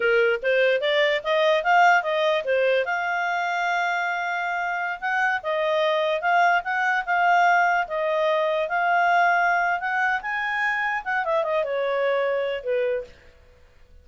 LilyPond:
\new Staff \with { instrumentName = "clarinet" } { \time 4/4 \tempo 4 = 147 ais'4 c''4 d''4 dis''4 | f''4 dis''4 c''4 f''4~ | f''1~ | f''16 fis''4 dis''2 f''8.~ |
f''16 fis''4 f''2 dis''8.~ | dis''4~ dis''16 f''2~ f''8. | fis''4 gis''2 fis''8 e''8 | dis''8 cis''2~ cis''8 b'4 | }